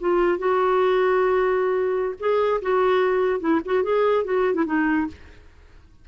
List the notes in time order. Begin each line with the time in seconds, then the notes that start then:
0.00 F4
0.38 F#4
2.19 G#4
2.62 F#4
3.40 E4
3.65 F#4
3.83 G#4
4.25 F#4
4.54 E4
4.66 D#4